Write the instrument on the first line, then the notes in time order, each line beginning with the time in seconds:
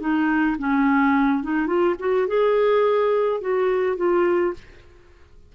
clarinet
0.00 D#4
0.59 C#4
1.43 D#4
1.67 F4
1.99 F#4
2.27 G#4
3.41 F#4
3.97 F4